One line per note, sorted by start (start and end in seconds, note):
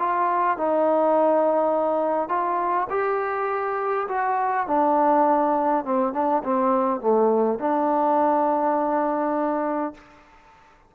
0.00 0.58 F4
0.58 2.29 D#4
2.29 2.88 F4
2.90 4.08 G4
4.09 4.67 F#4
4.68 5.85 D4
5.85 6.14 C4
6.14 6.43 D4
6.44 7.01 C4
7.01 7.59 A3
7.59 9.95 D4